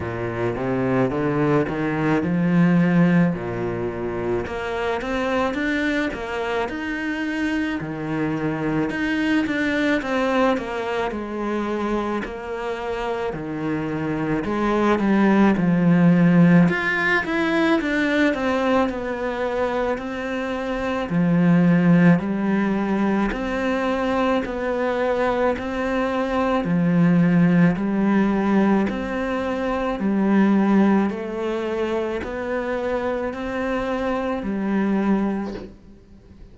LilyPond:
\new Staff \with { instrumentName = "cello" } { \time 4/4 \tempo 4 = 54 ais,8 c8 d8 dis8 f4 ais,4 | ais8 c'8 d'8 ais8 dis'4 dis4 | dis'8 d'8 c'8 ais8 gis4 ais4 | dis4 gis8 g8 f4 f'8 e'8 |
d'8 c'8 b4 c'4 f4 | g4 c'4 b4 c'4 | f4 g4 c'4 g4 | a4 b4 c'4 g4 | }